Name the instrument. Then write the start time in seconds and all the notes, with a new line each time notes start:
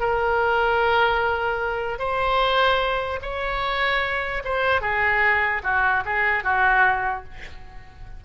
oboe
0.00 A#4
1.99 C5
3.22 C#5
4.44 C5
4.81 G#4
5.63 F#4
6.05 G#4
6.43 F#4